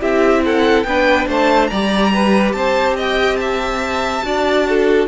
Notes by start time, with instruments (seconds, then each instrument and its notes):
0.00 cello C4, viola E4, violin G4 E5
0.44 violin A4 F#5
0.83 cello B3, viola D4, violin B4 G5
1.27 cello A3, violin C5 A5
1.67 cello G3, viola G4, violin D5 A#5
2.12 violin B4
2.52 cello C4, violin C5 A5
2.96 violin D#5 G5
3.36 violin E5 A5
4.23 cello D4, viola F#4, violin D5
4.68 violin A4